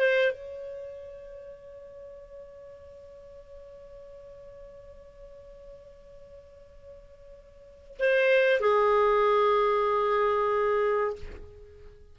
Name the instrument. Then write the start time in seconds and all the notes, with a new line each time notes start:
clarinet
0.00 C5
0.32 C#5
8.00 C5
8.61 G#4